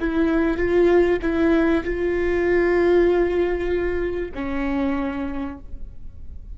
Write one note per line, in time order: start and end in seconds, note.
0.00 0.57 E4
0.57 1.19 F4
1.22 1.84 E4
1.84 4.32 F4
4.35 5.58 C#4